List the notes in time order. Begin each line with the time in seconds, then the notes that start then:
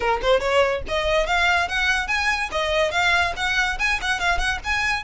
0.00 A#4
0.22 C5
0.40 C#5
0.88 D#5
1.26 F5
1.68 F#5
2.07 G#5
2.51 D#5
2.91 F5
3.36 F#5
3.79 G#5
4.01 F#5
4.19 F5
4.38 F#5
4.63 G#5